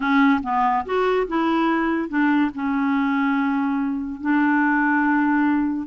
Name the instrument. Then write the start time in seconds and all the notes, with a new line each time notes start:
clarinet
0.00 C#4
0.43 B3
0.85 F#4
1.27 E4
2.08 D4
2.54 C#4
4.20 D4